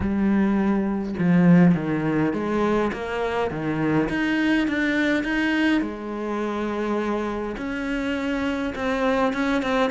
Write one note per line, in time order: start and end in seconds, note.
0.00 1.14 G3
1.18 1.74 F3
1.74 2.33 D#3
2.33 2.91 G#3
2.92 3.50 A#3
3.50 4.09 D#3
4.09 4.67 D#4
4.67 5.23 D4
5.23 5.81 D#4
5.81 7.56 G#3
7.57 8.73 C#4
8.75 9.33 C4
9.33 9.62 C#4
9.62 9.90 C4